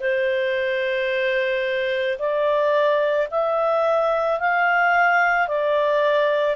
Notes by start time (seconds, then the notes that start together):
0.00 C5
2.19 D5
3.31 E5
4.40 F5
5.48 D5